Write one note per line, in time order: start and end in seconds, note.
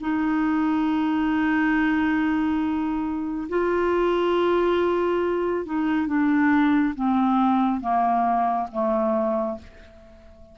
0.00 3.48 D#4
3.49 5.65 F4
5.65 6.07 D#4
6.07 6.94 D4
6.95 7.80 C4
7.80 8.67 A#3
8.71 9.58 A3